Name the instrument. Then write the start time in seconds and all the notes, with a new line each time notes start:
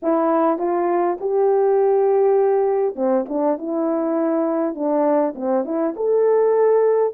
horn
0.02 E4
0.58 F4
1.20 G4
2.95 C4
3.28 D4
3.58 E4
4.74 D4
5.35 C4
5.64 E4
5.96 A4